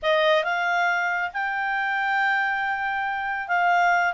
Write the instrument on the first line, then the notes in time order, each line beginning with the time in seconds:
clarinet
0.02 D#5
0.44 F5
1.33 G5
3.48 F5